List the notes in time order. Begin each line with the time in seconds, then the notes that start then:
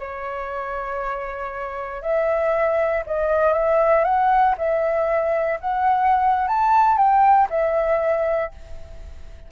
0.00 C#5
2.02 E5
3.07 D#5
3.54 E5
4.05 F#5
4.58 E5
5.61 F#5
6.48 A5
6.98 G5
7.50 E5